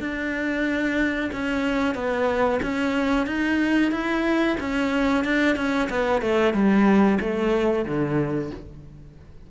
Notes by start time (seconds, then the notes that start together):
0.00 D4
1.33 C#4
1.95 B3
2.63 C#4
3.27 D#4
3.92 E4
4.60 C#4
5.25 D4
5.56 C#4
5.90 B3
6.22 A3
6.54 G3
7.21 A3
7.86 D3